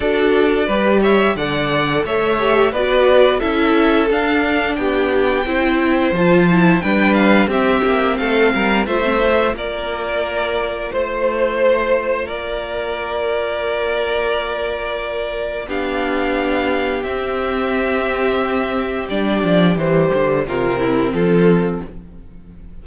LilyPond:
<<
  \new Staff \with { instrumentName = "violin" } { \time 4/4 \tempo 4 = 88 d''4. e''8 fis''4 e''4 | d''4 e''4 f''4 g''4~ | g''4 a''4 g''8 f''8 e''4 | f''4 e''4 d''2 |
c''2 d''2~ | d''2. f''4~ | f''4 e''2. | d''4 c''4 ais'4 a'4 | }
  \new Staff \with { instrumentName = "violin" } { \time 4/4 a'4 b'8 cis''8 d''4 cis''4 | b'4 a'2 g'4 | c''2 b'4 g'4 | a'8 ais'8 c''4 ais'2 |
c''2 ais'2~ | ais'2. g'4~ | g'1~ | g'2 f'8 e'8 f'4 | }
  \new Staff \with { instrumentName = "viola" } { \time 4/4 fis'4 g'4 a'4. g'8 | fis'4 e'4 d'2 | e'4 f'8 e'8 d'4 c'4~ | c'4 f'16 c'16 f'2~ f'8~ |
f'1~ | f'2. d'4~ | d'4 c'2. | d'4 g4 c'2 | }
  \new Staff \with { instrumentName = "cello" } { \time 4/4 d'4 g4 d4 a4 | b4 cis'4 d'4 b4 | c'4 f4 g4 c'8 ais8 | a8 g8 a4 ais2 |
a2 ais2~ | ais2. b4~ | b4 c'2. | g8 f8 e8 d8 c4 f4 | }
>>